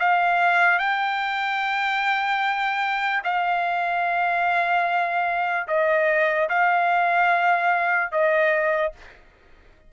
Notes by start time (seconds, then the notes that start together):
0.00 F5
0.79 G5
3.24 F5
5.68 D#5
6.49 F5
8.12 D#5